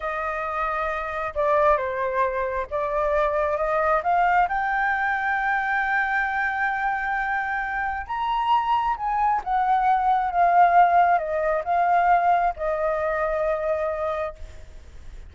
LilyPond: \new Staff \with { instrumentName = "flute" } { \time 4/4 \tempo 4 = 134 dis''2. d''4 | c''2 d''2 | dis''4 f''4 g''2~ | g''1~ |
g''2 ais''2 | gis''4 fis''2 f''4~ | f''4 dis''4 f''2 | dis''1 | }